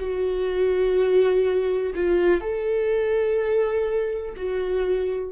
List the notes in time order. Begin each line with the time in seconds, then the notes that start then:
0.00 F#4
1.96 F4
2.41 A4
4.37 F#4